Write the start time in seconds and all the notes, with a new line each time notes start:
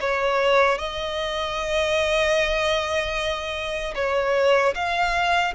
0.00 C#5
0.78 D#5
3.95 C#5
4.75 F5